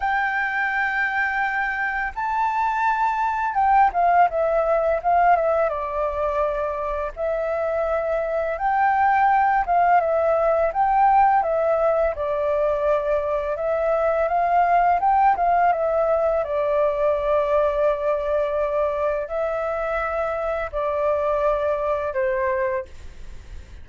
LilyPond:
\new Staff \with { instrumentName = "flute" } { \time 4/4 \tempo 4 = 84 g''2. a''4~ | a''4 g''8 f''8 e''4 f''8 e''8 | d''2 e''2 | g''4. f''8 e''4 g''4 |
e''4 d''2 e''4 | f''4 g''8 f''8 e''4 d''4~ | d''2. e''4~ | e''4 d''2 c''4 | }